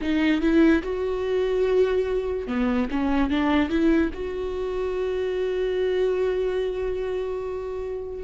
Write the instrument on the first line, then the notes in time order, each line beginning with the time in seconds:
viola
0.01 D#4
0.41 E4
0.82 F#4
2.47 B3
2.90 C#4
3.30 D4
3.69 E4
4.13 F#4